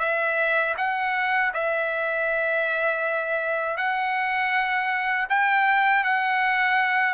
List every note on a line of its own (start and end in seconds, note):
0.00 0.75 E5
0.78 1.53 F#5
1.54 3.77 E5
3.77 5.27 F#5
5.30 6.04 G5
6.04 7.14 F#5